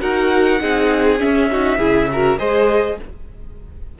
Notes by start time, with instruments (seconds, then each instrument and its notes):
0.00 cello D#4, viola F#4, violin A#4 F#5
0.60 cello C4, viola D#4, violin G#4
1.19 viola C#4, cello C#4, violin E5
1.51 viola D#4, violin F#4
1.78 cello C#3, viola E4, violin G#4
2.12 viola F#4, violin A#4
2.38 cello G#3, viola G#4, violin C5 D#5